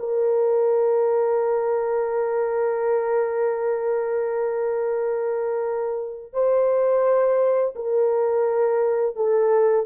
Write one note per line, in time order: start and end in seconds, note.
0.00 6.33 A#4
6.33 7.75 C5
7.76 9.16 A#4
9.16 9.87 A4